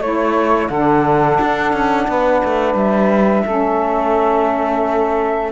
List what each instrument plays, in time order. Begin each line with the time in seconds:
0.00 cello A3, saxophone E4 C#5, flute C#5
0.69 cello D3, saxophone D4 A4, flute F#5
1.41 cello D4
1.73 cello C#4
2.08 cello B3, saxophone B4
2.45 cello A3
2.74 cello G3, flute E5
3.45 cello A3, saxophone C#4 A4